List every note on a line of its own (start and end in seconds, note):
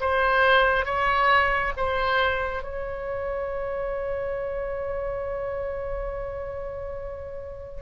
0.00 0.85 C5
0.85 1.72 C#5
1.77 2.62 C5
2.62 7.81 C#5